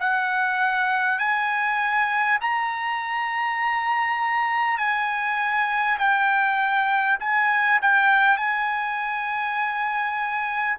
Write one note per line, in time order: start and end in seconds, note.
0.00 1.19 F#5
1.19 2.39 G#5
2.41 4.78 A#5
4.78 5.98 G#5
5.98 7.18 G5
7.19 7.79 G#5
7.82 8.37 G5
8.37 10.77 G#5